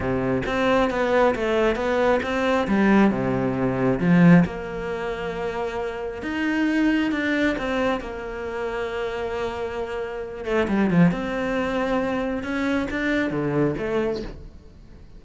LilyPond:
\new Staff \with { instrumentName = "cello" } { \time 4/4 \tempo 4 = 135 c4 c'4 b4 a4 | b4 c'4 g4 c4~ | c4 f4 ais2~ | ais2 dis'2 |
d'4 c'4 ais2~ | ais2.~ ais8 a8 | g8 f8 c'2. | cis'4 d'4 d4 a4 | }